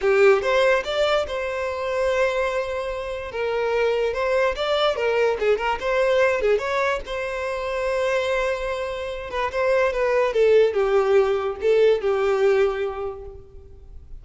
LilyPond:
\new Staff \with { instrumentName = "violin" } { \time 4/4 \tempo 4 = 145 g'4 c''4 d''4 c''4~ | c''1 | ais'2 c''4 d''4 | ais'4 gis'8 ais'8 c''4. gis'8 |
cis''4 c''2.~ | c''2~ c''8 b'8 c''4 | b'4 a'4 g'2 | a'4 g'2. | }